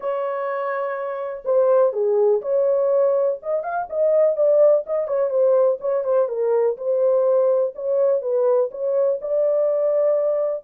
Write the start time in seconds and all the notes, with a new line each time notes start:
0.00 C#5
1.44 C5
1.92 G#4
2.41 C#5
3.42 D#5
3.63 F5
3.89 D#5
4.36 D5
4.86 D#5
5.07 C#5
5.30 C5
5.80 C#5
6.04 C5
6.28 A#4
6.77 C5
7.75 C#5
8.21 B4
8.71 C#5
9.21 D5